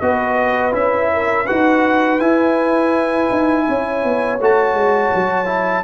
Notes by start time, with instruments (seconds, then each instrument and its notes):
0.00 tuba B3, trombone F#4, horn B4, trumpet D#5
0.72 tuba C#4, trombone E4, trumpet E5
1.14 horn A#4
1.46 tuba D#4, trombone F#4, horn B4, trumpet F#5
2.20 trombone E4, tuba E4, trumpet G#5
3.31 tuba D#4
3.69 tuba C#4, horn C#5
4.04 tuba B3
4.40 tuba A3, trombone F#4, trumpet A5
4.74 tuba G#3
5.14 tuba F#3
5.46 trombone E4